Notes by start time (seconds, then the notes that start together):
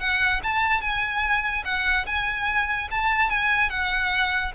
0.00 F#5
0.43 A5
0.81 G#5
1.65 F#5
2.06 G#5
2.91 A5
3.30 G#5
3.70 F#5